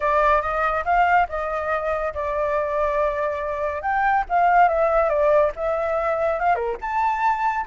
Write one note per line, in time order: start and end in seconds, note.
0.00 0.41 D5
0.41 0.84 D#5
0.84 1.27 F5
1.28 2.13 D#5
2.14 3.81 D5
3.81 4.24 G5
4.29 4.68 F5
4.68 5.09 E5
5.09 5.51 D5
5.56 6.39 E5
6.39 6.55 F5
6.55 6.76 A#4
6.81 7.66 A5